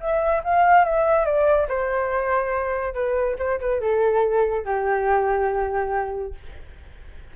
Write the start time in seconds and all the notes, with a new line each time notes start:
0.00 E5
0.44 F5
0.85 E5
1.25 D5
1.68 C5
2.94 B4
3.39 C5
3.60 B4
3.81 A4
4.65 G4